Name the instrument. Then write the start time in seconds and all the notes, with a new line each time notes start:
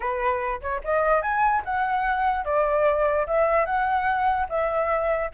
flute
0.00 B4
0.61 C#5
0.84 D#5
1.22 G#5
1.64 F#5
2.44 D5
3.27 E5
3.65 F#5
4.49 E5